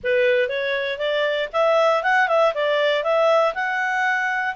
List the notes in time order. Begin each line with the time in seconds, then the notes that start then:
0.03 B4
0.48 C#5
0.98 D5
1.52 E5
2.03 F#5
2.28 E5
2.54 D5
3.03 E5
3.54 F#5